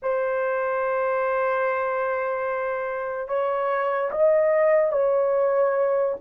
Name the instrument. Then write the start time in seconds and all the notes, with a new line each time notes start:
horn
0.02 C5
3.28 C#5
4.11 D#5
4.92 C#5